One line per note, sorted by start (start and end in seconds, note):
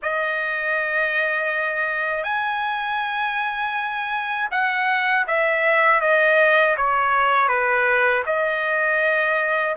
0.02 2.23 D#5
2.23 4.48 G#5
4.51 5.26 F#5
5.27 6.00 E5
6.00 6.75 D#5
6.77 7.48 C#5
7.48 8.23 B4
8.26 9.76 D#5